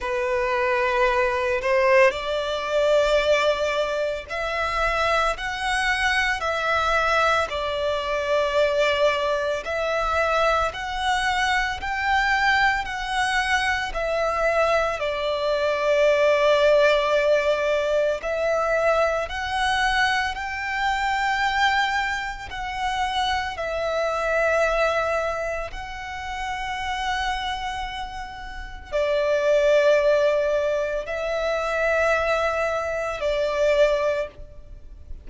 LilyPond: \new Staff \with { instrumentName = "violin" } { \time 4/4 \tempo 4 = 56 b'4. c''8 d''2 | e''4 fis''4 e''4 d''4~ | d''4 e''4 fis''4 g''4 | fis''4 e''4 d''2~ |
d''4 e''4 fis''4 g''4~ | g''4 fis''4 e''2 | fis''2. d''4~ | d''4 e''2 d''4 | }